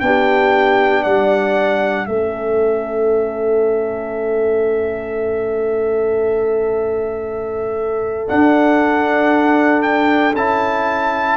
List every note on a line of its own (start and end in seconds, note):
0.00 1.05 B3
0.00 2.07 D4
0.00 1.03 G4
0.00 1.03 G5
1.03 2.07 G3
1.03 2.06 D5
1.03 2.06 F#5
2.06 8.28 A3
2.06 8.27 C#4
2.06 11.37 A4
2.06 8.27 E5
8.27 10.34 D4
8.27 10.35 D4
8.27 9.82 F#5
9.82 10.34 G5
10.35 11.37 C#4
10.35 11.37 E4
10.35 11.37 A5